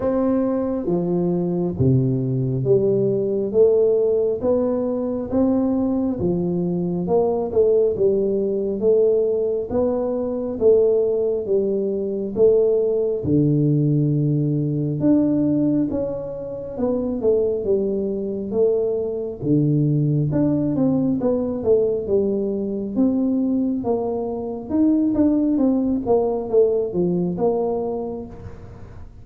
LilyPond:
\new Staff \with { instrumentName = "tuba" } { \time 4/4 \tempo 4 = 68 c'4 f4 c4 g4 | a4 b4 c'4 f4 | ais8 a8 g4 a4 b4 | a4 g4 a4 d4~ |
d4 d'4 cis'4 b8 a8 | g4 a4 d4 d'8 c'8 | b8 a8 g4 c'4 ais4 | dis'8 d'8 c'8 ais8 a8 f8 ais4 | }